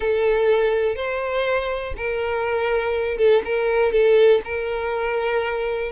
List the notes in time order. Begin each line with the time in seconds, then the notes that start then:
0.00 A4
0.95 C5
1.96 A#4
3.17 A4
3.44 A#4
3.92 A4
4.44 A#4